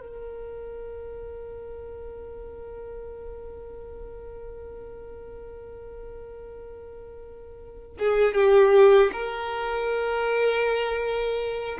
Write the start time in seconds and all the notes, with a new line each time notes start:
0.00 A#4
7.99 G#4
8.34 G4
9.12 A#4